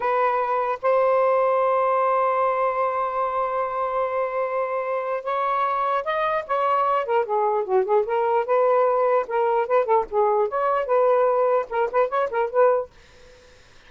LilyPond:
\new Staff \with { instrumentName = "saxophone" } { \time 4/4 \tempo 4 = 149 b'2 c''2~ | c''1~ | c''1~ | c''4 cis''2 dis''4 |
cis''4. ais'8 gis'4 fis'8 gis'8 | ais'4 b'2 ais'4 | b'8 a'8 gis'4 cis''4 b'4~ | b'4 ais'8 b'8 cis''8 ais'8 b'4 | }